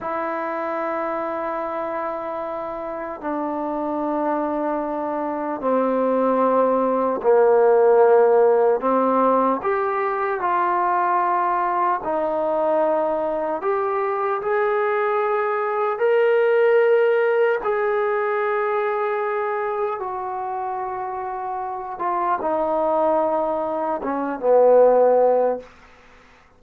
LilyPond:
\new Staff \with { instrumentName = "trombone" } { \time 4/4 \tempo 4 = 75 e'1 | d'2. c'4~ | c'4 ais2 c'4 | g'4 f'2 dis'4~ |
dis'4 g'4 gis'2 | ais'2 gis'2~ | gis'4 fis'2~ fis'8 f'8 | dis'2 cis'8 b4. | }